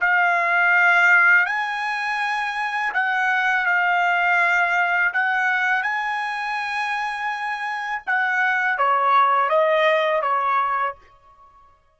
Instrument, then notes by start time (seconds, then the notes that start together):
trumpet
0.00 F5
1.46 G#5
2.93 F#5
3.66 F5
5.13 F#5
5.82 G#5
8.06 F#5
8.78 C#5
9.49 D#5
10.22 C#5